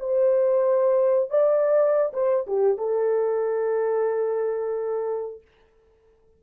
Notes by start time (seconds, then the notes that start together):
0.00 C5
1.30 D5
2.13 C5
2.47 G4
2.78 A4